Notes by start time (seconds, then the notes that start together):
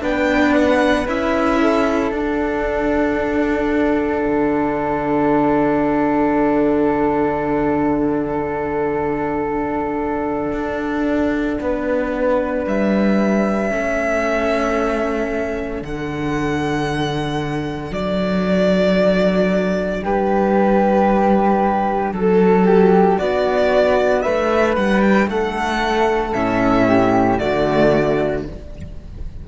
0.00 B3 D4 B4 G5
0.54 F#5
1.07 C#4 E4 E5
1.61 A4
2.11 D4 F#5
4.26 D3
10.52 D4
11.61 B3 B4
12.66 G3 E5
13.70 A3 C#4 A4
15.80 D3 D4 F#5
17.91 F#3 D5
20.02 G3 G4 B4
22.12 F#3 A4
22.66 G4
23.18 B3 F#4 D5
24.22 A3 B4 E5
24.76 G3 F#5
25.01 G5
25.27 A3 A4 F#5
26.33 A2 C#4 E5
26.87 G4
27.38 D3 A3 F#4 D5